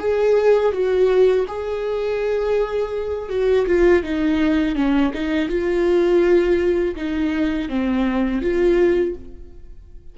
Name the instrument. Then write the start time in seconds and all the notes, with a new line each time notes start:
viola
0.00 G#4
0.73 F#4
1.48 G#4
3.30 F#4
3.67 F4
4.03 D#4
4.76 C#4
5.14 D#4
5.49 F4
6.96 D#4
7.69 C4
8.42 F4